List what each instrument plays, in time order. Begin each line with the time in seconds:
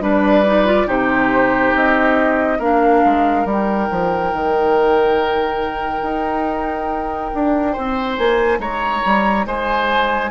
0.00 bassoon G3, clarinet D4, oboe B4
0.06 flute D5
0.46 clarinet D#4
0.66 clarinet F4
0.86 bassoon C3, clarinet D#4, oboe G4, flute C5
1.74 bassoon C4, flute D#5
2.58 bassoon A#3, clarinet D4, oboe A#4, flute F5
3.05 bassoon G#3
3.44 bassoon G3, clarinet D#4, flute G5
3.91 bassoon F3
4.32 bassoon D#3
6.01 bassoon D#4
7.34 bassoon D4
7.72 bassoon C4, oboe C5
8.16 bassoon A#3, flute G#5
8.58 bassoon G#3, oboe C#5, flute A#5
9.05 bassoon G3
9.45 bassoon G#3, oboe C5, flute G#5